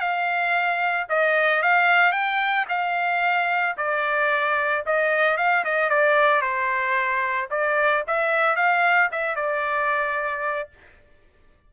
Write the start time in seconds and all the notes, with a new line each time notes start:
0.00 F5
1.09 D#5
1.62 F5
2.12 G5
2.69 F5
3.77 D5
4.86 D#5
5.37 F5
5.65 D#5
5.90 D5
6.42 C5
7.51 D5
8.07 E5
8.56 F5
9.12 E5
9.36 D5